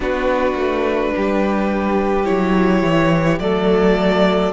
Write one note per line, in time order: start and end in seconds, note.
0.00 0.53 B3
0.00 2.25 D4
0.00 1.13 F#4
0.00 2.25 B4
0.55 1.11 A3
1.16 2.28 G3
1.16 3.42 G4
2.25 2.82 F#3
2.25 3.38 E4
2.25 3.38 C#5
2.82 3.39 E3
3.39 4.52 F#3
3.39 4.52 A3
3.39 4.52 A4
3.39 4.52 D5